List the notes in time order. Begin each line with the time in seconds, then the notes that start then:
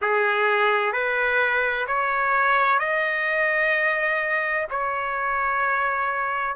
0.01 G#4
0.92 B4
1.87 C#5
2.79 D#5
4.70 C#5